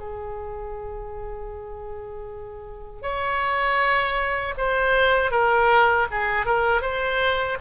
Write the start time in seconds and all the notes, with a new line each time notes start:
0.00 G#4
3.03 C#5
4.58 C5
5.32 A#4
6.12 G#4
6.47 A#4
6.82 C5